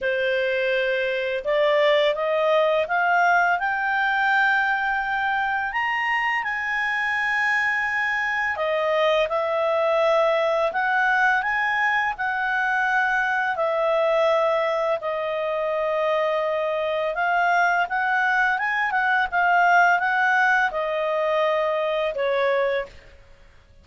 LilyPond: \new Staff \with { instrumentName = "clarinet" } { \time 4/4 \tempo 4 = 84 c''2 d''4 dis''4 | f''4 g''2. | ais''4 gis''2. | dis''4 e''2 fis''4 |
gis''4 fis''2 e''4~ | e''4 dis''2. | f''4 fis''4 gis''8 fis''8 f''4 | fis''4 dis''2 cis''4 | }